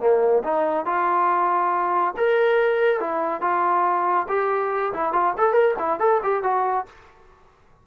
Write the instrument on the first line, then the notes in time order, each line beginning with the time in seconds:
trombone
0.00 A#3
0.43 D#4
0.86 F4
2.17 A#4
3.00 E4
3.41 F4
4.29 G4
4.93 E4
5.13 F4
5.38 A4
5.53 A#4
5.79 E4
6.00 A4
6.23 G4
6.43 F#4